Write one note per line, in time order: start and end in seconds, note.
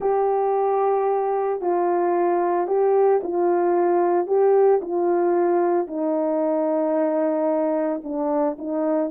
0.00 1.61 G4
1.61 2.67 F4
2.67 3.20 G4
3.23 4.26 F4
4.26 4.80 G4
4.81 5.87 F4
5.87 8.01 D#4
8.03 8.57 D4
8.58 9.10 D#4